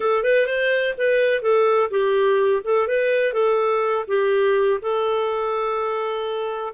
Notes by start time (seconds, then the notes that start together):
0.00 A4
0.23 B4
0.46 C5
0.97 B4
1.42 A4
1.90 G4
2.64 A4
2.87 B4
3.33 A4
4.07 G4
4.81 A4